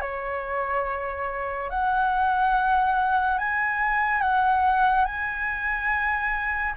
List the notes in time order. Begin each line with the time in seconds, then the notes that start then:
0.00 C#5
1.69 F#5
3.38 G#5
4.21 F#5
5.05 G#5